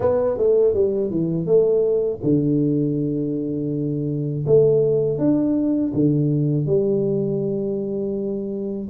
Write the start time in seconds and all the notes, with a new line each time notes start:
0.00 B3
0.37 A3
0.74 G3
1.10 E3
1.46 A3
2.23 D3
4.46 A3
5.18 D4
5.93 D3
6.66 G3